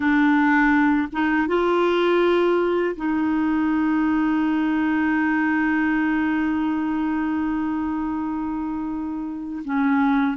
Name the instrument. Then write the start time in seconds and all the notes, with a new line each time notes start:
clarinet
0.00 D4
1.12 D#4
1.47 F4
2.96 D#4
9.64 C#4